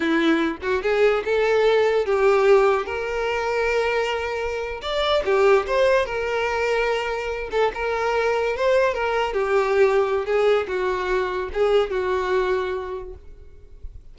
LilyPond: \new Staff \with { instrumentName = "violin" } { \time 4/4 \tempo 4 = 146 e'4. fis'8 gis'4 a'4~ | a'4 g'2 ais'4~ | ais'2.~ ais'8. d''16~ | d''8. g'4 c''4 ais'4~ ais'16~ |
ais'2~ ais'16 a'8 ais'4~ ais'16~ | ais'8. c''4 ais'4 g'4~ g'16~ | g'4 gis'4 fis'2 | gis'4 fis'2. | }